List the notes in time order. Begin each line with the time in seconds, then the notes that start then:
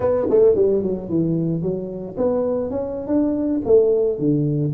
0.00 B3
0.30 A3
0.55 G3
0.82 F#3
1.09 E3
1.61 F#3
2.17 B3
2.70 C#4
3.07 D4
3.65 A3
4.18 D3